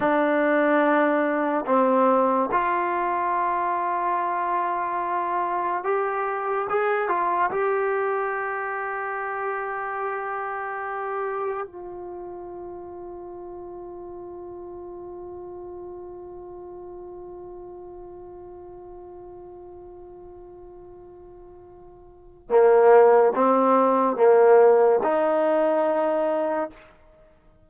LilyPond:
\new Staff \with { instrumentName = "trombone" } { \time 4/4 \tempo 4 = 72 d'2 c'4 f'4~ | f'2. g'4 | gis'8 f'8 g'2.~ | g'2 f'2~ |
f'1~ | f'1~ | f'2. ais4 | c'4 ais4 dis'2 | }